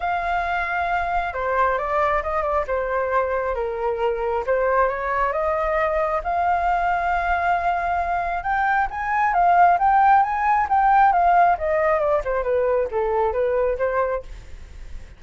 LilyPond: \new Staff \with { instrumentName = "flute" } { \time 4/4 \tempo 4 = 135 f''2. c''4 | d''4 dis''8 d''8 c''2 | ais'2 c''4 cis''4 | dis''2 f''2~ |
f''2. g''4 | gis''4 f''4 g''4 gis''4 | g''4 f''4 dis''4 d''8 c''8 | b'4 a'4 b'4 c''4 | }